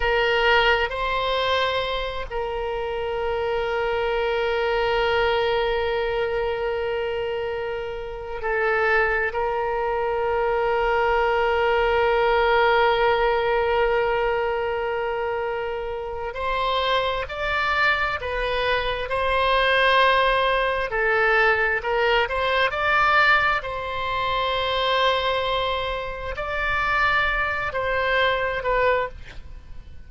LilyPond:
\new Staff \with { instrumentName = "oboe" } { \time 4/4 \tempo 4 = 66 ais'4 c''4. ais'4.~ | ais'1~ | ais'4~ ais'16 a'4 ais'4.~ ais'16~ | ais'1~ |
ais'2 c''4 d''4 | b'4 c''2 a'4 | ais'8 c''8 d''4 c''2~ | c''4 d''4. c''4 b'8 | }